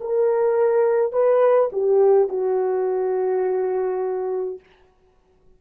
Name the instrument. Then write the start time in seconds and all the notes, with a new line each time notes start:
horn
0.00 A#4
1.12 B4
1.72 G4
2.29 F#4